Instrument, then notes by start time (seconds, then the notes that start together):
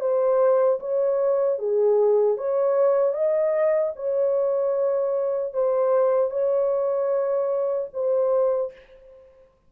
horn
0.00 C5
0.80 C#5
1.59 G#4
2.37 C#5
3.14 D#5
3.95 C#5
5.53 C5
6.30 C#5
7.93 C5